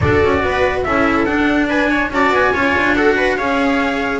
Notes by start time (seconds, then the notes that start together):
0.00 D4 F#4 A4 D5
0.23 C#4
0.42 B3 B4
0.83 C#4 E4 A4 E5
1.25 D4 F#5
1.68 B4 G#5
1.90 C#5
2.10 C#4 F#4 D5 A5
2.30 B3 G#5
2.53 C#4 F4 C#5
2.76 D4
2.95 F#4 A4 F#5
3.16 B4
3.36 C#4 G#4 C#5 F5